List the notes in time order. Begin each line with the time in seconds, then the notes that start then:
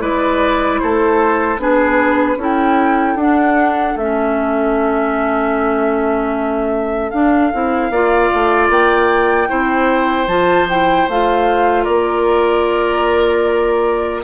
0.00 G#3 E4 B4 D5
0.79 A3 A4 C5
1.57 B3 D4 G#4 B4
2.36 C#4 E4 A4
2.43 G5
3.15 D4 F#5
3.96 A3 C#4 E5
7.10 D4 F5
7.53 C4 E4
7.90 A#3 F4 D5
8.33 A3
8.69 A#3 G5
9.48 C4 E4 C5
10.27 F3 F4 A5
10.69 E4 G5
11.08 A3 F4 F5
11.84 A#3 A#4 D5